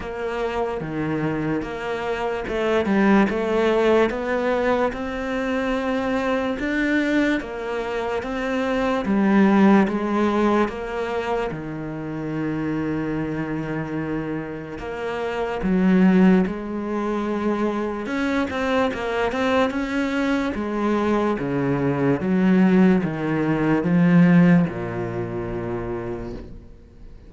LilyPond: \new Staff \with { instrumentName = "cello" } { \time 4/4 \tempo 4 = 73 ais4 dis4 ais4 a8 g8 | a4 b4 c'2 | d'4 ais4 c'4 g4 | gis4 ais4 dis2~ |
dis2 ais4 fis4 | gis2 cis'8 c'8 ais8 c'8 | cis'4 gis4 cis4 fis4 | dis4 f4 ais,2 | }